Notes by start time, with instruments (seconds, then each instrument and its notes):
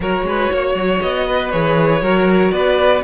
0.00 cello F#3, viola F#4, violin A#4 C#5
0.23 cello G#3, violin B4
0.52 cello A#3, violin C#5
0.74 cello F#3
1.01 cello B3, violin D#5
1.26 violin B4
1.50 cello E3, viola G#4, violin C#5
2.01 cello F#3, viola F#4, violin A#4
2.51 cello B3, violin B4 D5